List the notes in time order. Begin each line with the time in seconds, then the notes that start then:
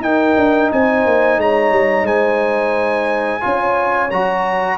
0.00 D#4 A#4 G5
0.36 D4
0.72 C4 C5 G#5
1.05 A#3
1.37 G#3 C#5 A#5
1.71 G3
2.03 G#3 C5 G#5
3.40 C#4 F4 C#5
4.10 F#3 F#4 A#5